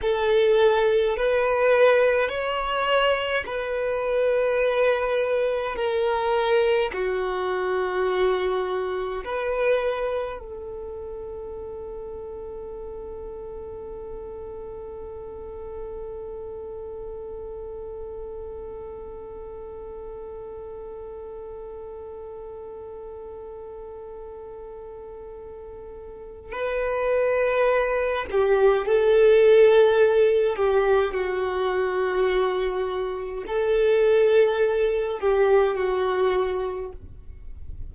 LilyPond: \new Staff \with { instrumentName = "violin" } { \time 4/4 \tempo 4 = 52 a'4 b'4 cis''4 b'4~ | b'4 ais'4 fis'2 | b'4 a'2.~ | a'1~ |
a'1~ | a'2. b'4~ | b'8 g'8 a'4. g'8 fis'4~ | fis'4 a'4. g'8 fis'4 | }